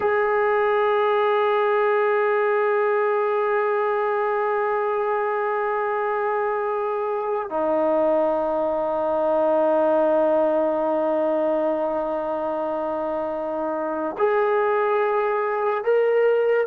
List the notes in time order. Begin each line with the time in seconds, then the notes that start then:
0.00 G#4
7.49 D#4
14.17 G#4
15.84 A#4